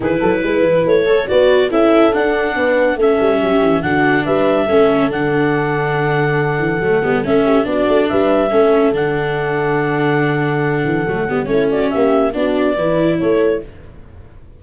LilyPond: <<
  \new Staff \with { instrumentName = "clarinet" } { \time 4/4 \tempo 4 = 141 b'2 cis''4 d''4 | e''4 fis''2 e''4~ | e''4 fis''4 e''2 | fis''1~ |
fis''4 e''4 d''4 e''4~ | e''4 fis''2.~ | fis''2. cis''8 d''8 | e''4 d''2 cis''4 | }
  \new Staff \with { instrumentName = "horn" } { \time 4/4 gis'8 a'8 b'4. cis''8 b'4 | a'2 b'4 a'4 | g'4 fis'4 b'4 a'4~ | a'1~ |
a'4. g'8 fis'4 b'4 | a'1~ | a'2. e'8 fis'8 | g'4 fis'4 b'4 a'4 | }
  \new Staff \with { instrumentName = "viola" } { \time 4/4 e'2~ e'8 a'8 fis'4 | e'4 d'2 cis'4~ | cis'4 d'2 cis'4 | d'1 |
a8 b8 cis'4 d'2 | cis'4 d'2.~ | d'2 a8 b8 cis'4~ | cis'4 d'4 e'2 | }
  \new Staff \with { instrumentName = "tuba" } { \time 4/4 e8 fis8 gis8 e8 a4 b4 | cis'4 d'4 b4 a8 g8 | fis8 e8 d4 g4 a4 | d2.~ d8 e8 |
fis8 g8 a4 b8 a8 g4 | a4 d2.~ | d4. e8 fis8 g8 a4 | ais4 b4 e4 a4 | }
>>